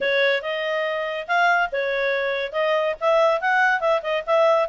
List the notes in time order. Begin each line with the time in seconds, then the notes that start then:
0.00 C#5
0.42 D#5
1.27 F5
1.72 C#5
2.52 D#5
3.00 E5
3.40 F#5
3.80 E5
4.02 D#5
4.26 E5